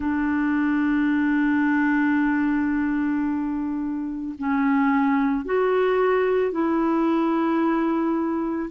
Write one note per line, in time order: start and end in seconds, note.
0.00 4.34 D4
4.38 5.45 C#4
5.45 6.52 F#4
6.52 8.70 E4